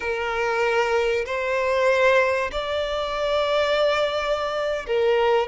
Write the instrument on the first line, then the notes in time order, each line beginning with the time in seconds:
violin
0.00 A#4
1.25 C5
2.51 D5
4.86 A#4